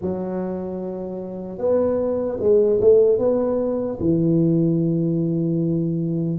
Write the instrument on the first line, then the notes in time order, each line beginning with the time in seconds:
tuba
0.01 F#3
1.58 B3
2.40 G#3
2.80 A3
3.18 B3
4.00 E3